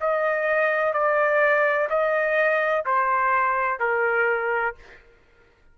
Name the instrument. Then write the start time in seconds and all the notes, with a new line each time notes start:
trumpet
0.00 D#5
0.93 D5
1.89 D#5
2.85 C5
3.80 A#4